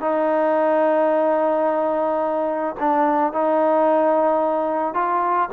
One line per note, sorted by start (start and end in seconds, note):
0.00 2.75 D#4
2.79 3.33 D4
3.33 4.94 D#4
4.94 5.49 F4